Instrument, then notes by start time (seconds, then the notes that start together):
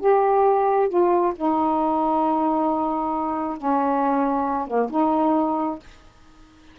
saxophone
0.00 G4
0.89 F4
1.36 D#4
3.58 C#4
4.67 A#3
4.90 D#4